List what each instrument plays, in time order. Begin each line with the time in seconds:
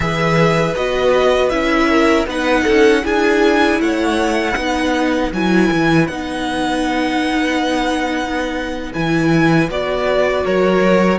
0.00 cello E3, viola G#4, violin B4 E5
0.76 cello B3, viola F#4, violin D#5
1.49 cello C#4, viola E4, violin E5
1.88 violin A#4
2.25 cello B3, viola D#4, violin B4 F#5
2.64 cello C#4, violin A4
3.02 cello D4, viola E4, violin G#4 G#5
3.79 cello A3, violin C#5 F#5
4.56 cello B3, viola D#4, violin B4
5.32 cello F#3, viola E4, violin G#5
5.71 cello E3
6.07 cello B3, viola D#4, violin F#5
8.93 cello E3, viola E4, violin G#5
9.69 cello B3, viola F#4, violin D5
10.44 cello F#3, violin A#4 C#5